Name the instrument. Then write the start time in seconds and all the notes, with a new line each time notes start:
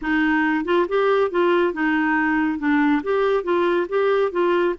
clarinet
0.01 D#4
0.64 F4
0.88 G4
1.30 F4
1.73 D#4
2.58 D4
3.03 G4
3.43 F4
3.88 G4
4.31 F4